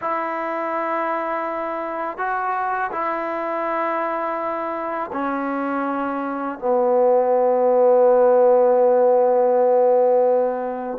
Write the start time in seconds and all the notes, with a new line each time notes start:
0.01 E4
2.17 F#4
2.91 E4
5.12 C#4
6.59 B3